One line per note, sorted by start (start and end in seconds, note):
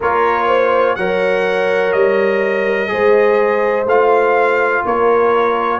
0.00 0.97 A#3
0.00 0.98 F4
0.00 0.46 A#4
0.00 0.95 C#5
0.47 0.95 C5
0.95 1.93 F#3
0.95 2.87 A#4
0.95 2.90 C#5
0.95 1.92 F#5
1.92 2.90 G3
1.92 3.85 D#5
2.87 3.85 G#3
2.87 3.84 G#4
2.87 4.85 C5
3.85 4.81 A3
3.85 5.80 F4
3.85 4.85 F5
4.85 5.80 A#3
4.85 5.80 A#4
4.85 5.80 C#5